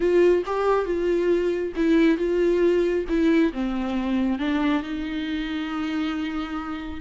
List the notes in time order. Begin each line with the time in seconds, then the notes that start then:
0.00 F4
0.46 G4
0.85 F4
1.76 E4
2.17 F4
3.08 E4
3.53 C4
4.39 D4
4.82 D#4